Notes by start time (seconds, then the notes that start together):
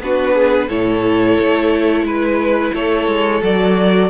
0.00 B3 D4 F#4 B4
0.35 G#4
0.68 A2 E4 A4 C#5
1.40 A3
2.03 G#3 B4
2.74 A3 A4 C#5
3.08 G#3
3.42 F#3 F#4 D5